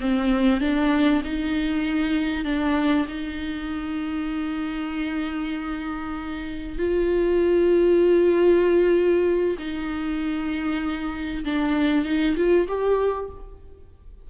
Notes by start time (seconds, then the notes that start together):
0.00 C4
0.60 D4
1.24 D#4
2.44 D4
3.08 D#4
6.78 F4
9.58 D#4
11.45 D4
12.04 D#4
12.36 F4
12.68 G4